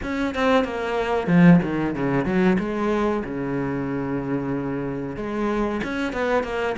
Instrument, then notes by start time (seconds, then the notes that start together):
cello
0.03 C#4
0.34 C4
0.64 A#3
1.27 F3
1.62 D#3
1.95 C#3
2.25 F#3
2.58 G#3
3.24 C#3
5.16 G#3
5.83 C#4
6.12 B3
6.43 A#3